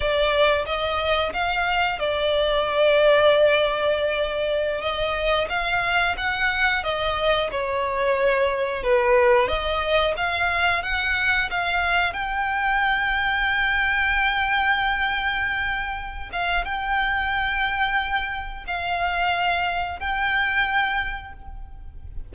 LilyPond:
\new Staff \with { instrumentName = "violin" } { \time 4/4 \tempo 4 = 90 d''4 dis''4 f''4 d''4~ | d''2.~ d''16 dis''8.~ | dis''16 f''4 fis''4 dis''4 cis''8.~ | cis''4~ cis''16 b'4 dis''4 f''8.~ |
f''16 fis''4 f''4 g''4.~ g''16~ | g''1~ | g''8 f''8 g''2. | f''2 g''2 | }